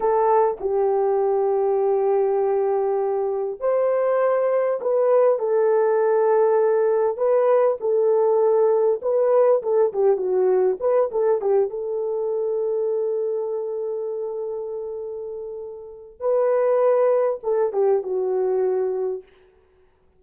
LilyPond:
\new Staff \with { instrumentName = "horn" } { \time 4/4 \tempo 4 = 100 a'4 g'2.~ | g'2 c''2 | b'4 a'2. | b'4 a'2 b'4 |
a'8 g'8 fis'4 b'8 a'8 g'8 a'8~ | a'1~ | a'2. b'4~ | b'4 a'8 g'8 fis'2 | }